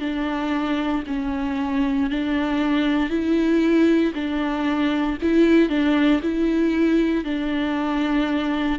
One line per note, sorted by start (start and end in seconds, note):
0.00 1.03 D4
1.07 2.10 C#4
2.10 3.09 D4
3.09 4.13 E4
4.14 5.18 D4
5.22 5.69 E4
5.69 6.21 D4
6.23 7.25 E4
7.25 8.79 D4